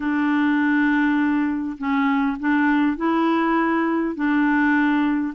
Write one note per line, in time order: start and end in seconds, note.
0.00 1.77 D4
1.77 2.37 C#4
2.39 2.96 D4
2.96 4.14 E4
4.14 5.33 D4